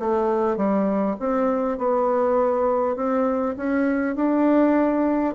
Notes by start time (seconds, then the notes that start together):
0.00 A3
0.57 G3
1.20 C4
1.78 B3
2.96 C4
3.57 C#4
4.16 D4